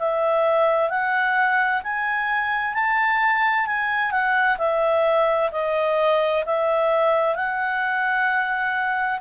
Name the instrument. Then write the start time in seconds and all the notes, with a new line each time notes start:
clarinet
0.00 E5
0.90 F#5
1.84 G#5
2.75 A5
3.67 G#5
4.12 F#5
4.59 E5
5.52 D#5
6.46 E5
7.36 F#5